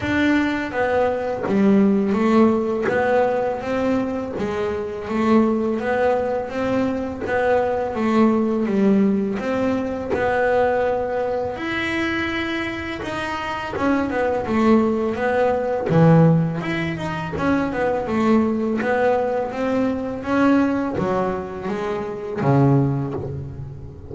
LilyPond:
\new Staff \with { instrumentName = "double bass" } { \time 4/4 \tempo 4 = 83 d'4 b4 g4 a4 | b4 c'4 gis4 a4 | b4 c'4 b4 a4 | g4 c'4 b2 |
e'2 dis'4 cis'8 b8 | a4 b4 e4 e'8 dis'8 | cis'8 b8 a4 b4 c'4 | cis'4 fis4 gis4 cis4 | }